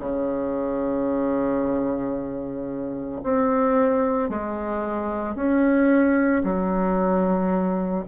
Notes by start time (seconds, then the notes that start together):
0.00 C#3
3.23 C4
4.29 G#3
5.35 C#4
6.44 F#3